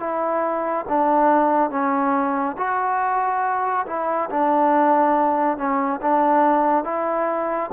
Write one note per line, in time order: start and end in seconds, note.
0.00 0.86 E4
0.89 1.71 D4
1.71 2.56 C#4
2.58 3.86 F#4
3.87 4.30 E4
4.31 5.58 D4
5.58 6.00 C#4
6.02 6.85 D4
6.85 7.71 E4